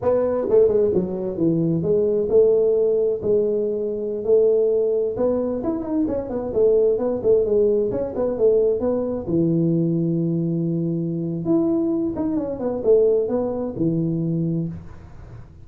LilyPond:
\new Staff \with { instrumentName = "tuba" } { \time 4/4 \tempo 4 = 131 b4 a8 gis8 fis4 e4 | gis4 a2 gis4~ | gis4~ gis16 a2 b8.~ | b16 e'8 dis'8 cis'8 b8 a4 b8 a16~ |
a16 gis4 cis'8 b8 a4 b8.~ | b16 e2.~ e8.~ | e4 e'4. dis'8 cis'8 b8 | a4 b4 e2 | }